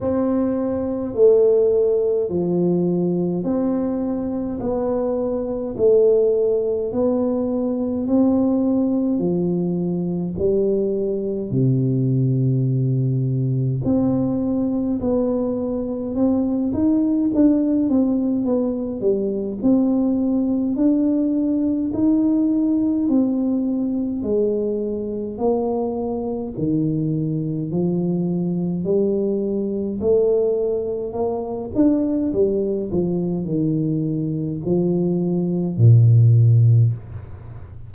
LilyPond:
\new Staff \with { instrumentName = "tuba" } { \time 4/4 \tempo 4 = 52 c'4 a4 f4 c'4 | b4 a4 b4 c'4 | f4 g4 c2 | c'4 b4 c'8 dis'8 d'8 c'8 |
b8 g8 c'4 d'4 dis'4 | c'4 gis4 ais4 dis4 | f4 g4 a4 ais8 d'8 | g8 f8 dis4 f4 ais,4 | }